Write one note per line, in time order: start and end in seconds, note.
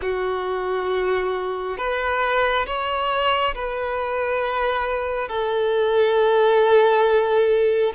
0.01 1.77 F#4
1.77 2.66 B4
2.66 3.54 C#5
3.54 5.28 B4
5.28 7.93 A4